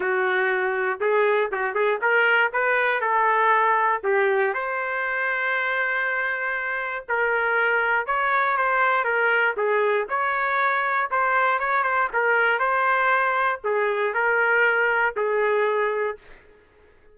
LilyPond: \new Staff \with { instrumentName = "trumpet" } { \time 4/4 \tempo 4 = 119 fis'2 gis'4 fis'8 gis'8 | ais'4 b'4 a'2 | g'4 c''2.~ | c''2 ais'2 |
cis''4 c''4 ais'4 gis'4 | cis''2 c''4 cis''8 c''8 | ais'4 c''2 gis'4 | ais'2 gis'2 | }